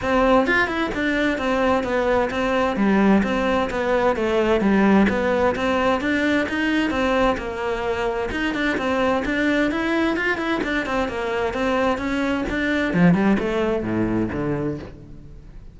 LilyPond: \new Staff \with { instrumentName = "cello" } { \time 4/4 \tempo 4 = 130 c'4 f'8 e'8 d'4 c'4 | b4 c'4 g4 c'4 | b4 a4 g4 b4 | c'4 d'4 dis'4 c'4 |
ais2 dis'8 d'8 c'4 | d'4 e'4 f'8 e'8 d'8 c'8 | ais4 c'4 cis'4 d'4 | f8 g8 a4 a,4 d4 | }